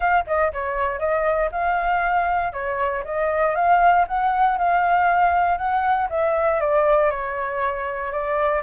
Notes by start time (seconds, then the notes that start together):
0.00 F5
0.27 D#5
0.52 C#5
0.99 D#5
1.51 F5
2.52 C#5
3.04 D#5
3.55 F5
4.07 F#5
4.58 F5
5.57 F#5
6.09 E5
6.60 D5
7.10 C#5
8.11 D5